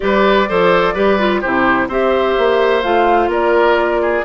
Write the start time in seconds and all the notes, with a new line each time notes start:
0.00 G3 G4 B4 D5
0.48 F3 A4 C5
0.94 G3 G4 B4
1.18 F4
1.40 C3 E4 G4 C5
1.88 C4 G4 C5 E5
2.37 A#3
2.82 A3 F4 F5
3.28 A#3 A#4 D5
4.01 G#4